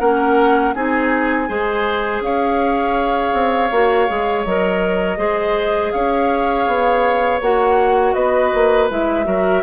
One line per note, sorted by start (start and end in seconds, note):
0.00 0.75 A#3
0.00 0.75 C#4
0.00 0.74 A#4
0.00 0.74 F#5
0.74 1.49 C4
0.74 1.48 D#4
0.74 1.49 G#4
0.74 2.22 G#5
1.48 2.21 G#3
1.48 3.71 G#4
1.48 2.23 C5
2.21 3.32 C#4
2.21 5.19 C#5
2.21 4.45 F5
3.33 3.70 C4
3.71 4.08 A#3
3.71 4.08 F#4
4.08 4.46 G#3
4.08 4.45 G#4
4.45 5.18 F#3
4.45 5.18 A#4
4.45 5.92 D#5
5.18 5.92 G#3
5.18 7.40 G#4
5.18 5.93 C5
5.92 6.67 C#4
5.92 8.15 C#5
5.92 7.40 F5
6.67 7.41 B3
7.41 8.15 A#3
7.41 8.90 F#4
7.41 8.14 F#5
8.14 8.52 B3
8.14 9.26 B4
8.14 8.88 D#5
8.54 8.90 A#3
8.90 9.27 G#3
8.90 9.25 E4
8.90 9.63 E5
9.25 9.63 F#3
9.25 9.62 F#4
9.25 9.63 A#4